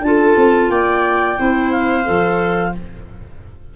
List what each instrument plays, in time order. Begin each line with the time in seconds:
0.00 tuba D4, clarinet F4 A5
0.06 viola A4
0.37 tuba C4
0.69 tuba A#3, viola D5, clarinet G5
1.37 tuba C4, clarinet E4, viola C5
1.71 clarinet F5
2.04 tuba F3, clarinet A4